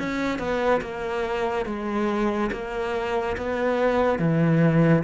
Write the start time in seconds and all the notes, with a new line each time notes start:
0.00 C#4
0.39 B3
0.81 A#3
1.66 G#3
2.52 A#3
3.38 B3
4.19 E3